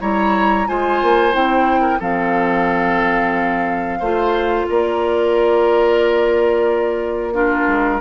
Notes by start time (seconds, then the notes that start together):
0.00 G3 E4 C#5 A#5
0.66 G#3 F4 C5 G#5
1.02 A#3
1.32 C4 E4 G5
1.81 A#4
1.99 F3 C4 A4 F5
3.99 A3 F4 C5
4.68 A#3 A#4 D5
7.33 D4 F4 A#4
7.67 G#3